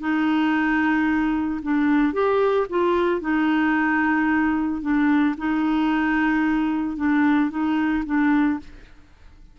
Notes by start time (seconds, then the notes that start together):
0.00 D#4
1.63 D4
2.13 G4
2.70 F4
3.21 D#4
4.82 D4
5.38 D#4
6.97 D4
7.51 D#4
8.06 D4